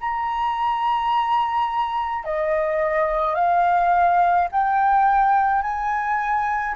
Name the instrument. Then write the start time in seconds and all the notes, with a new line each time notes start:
flute
0.00 A#5
2.24 D#5
3.35 F5
4.51 G5
5.62 G#5